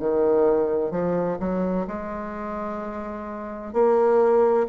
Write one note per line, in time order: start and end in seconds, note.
0.00 0.91 D#3
0.91 1.38 F3
1.40 1.87 F#3
1.87 3.73 G#3
3.73 4.67 A#3